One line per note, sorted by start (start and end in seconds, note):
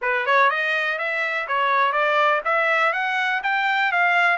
0.01 0.25 B4
0.26 0.50 C#5
0.50 0.98 D#5
0.98 1.47 E5
1.47 1.92 C#5
1.92 2.41 D5
2.44 2.93 E5
2.93 3.41 F#5
3.43 3.92 G5
3.92 4.37 F5